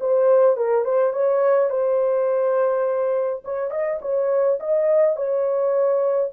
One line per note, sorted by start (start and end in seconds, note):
0.00 0.57 C5
0.57 0.84 A#4
0.84 1.12 C5
1.12 1.70 C#5
1.70 3.43 C5
3.44 3.71 C#5
3.71 3.99 D#5
4.01 4.59 C#5
4.59 5.16 D#5
5.16 6.31 C#5